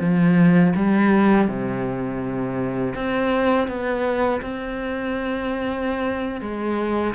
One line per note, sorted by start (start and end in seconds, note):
0.00 0.73 F3
0.75 1.48 G3
1.48 2.94 C3
2.95 3.68 C4
3.68 4.41 B3
4.41 6.41 C4
6.41 7.14 G#3